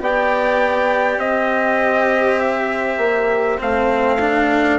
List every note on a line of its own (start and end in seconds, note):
0.00 1.17 B3
0.00 3.58 G4
0.00 1.22 D5
0.00 1.20 G5
1.17 2.97 C4
1.17 4.79 C5
1.17 2.39 D#5
2.39 3.59 E5
2.98 3.58 A#3
3.58 4.79 A3
3.58 4.18 C4
3.58 4.79 F5
4.20 4.79 D4